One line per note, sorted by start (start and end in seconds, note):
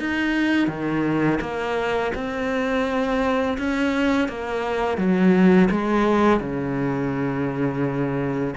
0.00 0.68 D#4
0.68 1.40 D#3
1.41 2.13 A#3
2.15 3.58 C4
3.58 4.29 C#4
4.29 4.98 A#3
4.98 5.69 F#3
5.71 6.40 G#3
6.40 8.55 C#3